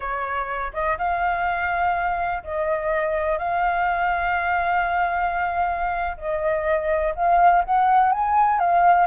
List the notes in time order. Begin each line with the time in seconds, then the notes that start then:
0.00 C#5
0.73 D#5
0.97 F5
2.43 D#5
3.38 F5
6.17 D#5
7.15 F5
7.64 F#5
8.12 G#5
8.59 F5